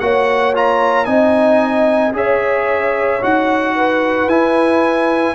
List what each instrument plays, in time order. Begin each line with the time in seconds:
0.00 tuba A#3, trombone F#4, horn C#5, trumpet F#5
0.54 trombone F4, trumpet A#5
1.05 tuba C4, trombone D#4, horn D#5, trumpet G#5
2.13 tuba C#4, trombone G#4, horn C#5, trumpet E5
3.22 tuba D#4, trombone F#4, trumpet F#5
3.76 horn B4
4.27 tuba E4, trombone E4, trumpet G#5